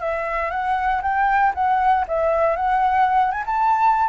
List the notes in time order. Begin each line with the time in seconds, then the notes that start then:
0.00 E5
0.51 F#5
1.02 G5
1.55 F#5
2.08 E5
2.56 F#5
3.31 G#5
3.46 A5